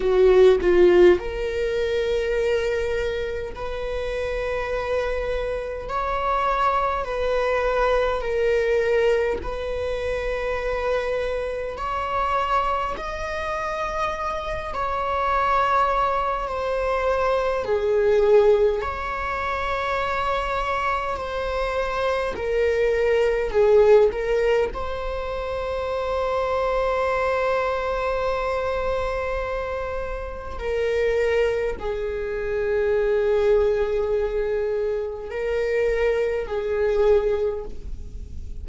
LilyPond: \new Staff \with { instrumentName = "viola" } { \time 4/4 \tempo 4 = 51 fis'8 f'8 ais'2 b'4~ | b'4 cis''4 b'4 ais'4 | b'2 cis''4 dis''4~ | dis''8 cis''4. c''4 gis'4 |
cis''2 c''4 ais'4 | gis'8 ais'8 c''2.~ | c''2 ais'4 gis'4~ | gis'2 ais'4 gis'4 | }